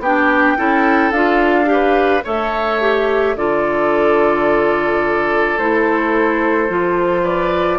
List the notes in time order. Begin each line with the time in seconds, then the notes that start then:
0.00 B3 D4 G4 G5
0.57 C#4 E4 A4
1.12 D4 F4 F5
1.66 G4
1.73 B4
2.25 A3 A4 C#5 E5
2.81 G4
3.36 D3 F4 A4 D5
5.58 A3 E4 C5
6.69 F3 F4
7.23 B4 D5